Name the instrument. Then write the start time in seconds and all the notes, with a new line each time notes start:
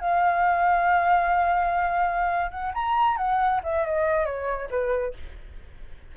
flute
0.00 F5
2.51 F#5
2.74 A#5
3.17 F#5
3.64 E5
3.85 D#5
4.25 C#5
4.70 B4